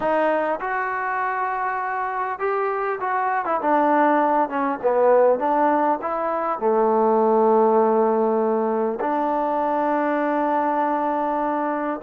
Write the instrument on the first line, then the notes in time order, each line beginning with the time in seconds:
trombone
0.00 D#4
0.60 F#4
2.39 G4
3.00 F#4
3.45 E4
3.61 D4
4.49 C#4
4.82 B3
5.39 D4
6.01 E4
6.59 A3
9.00 D4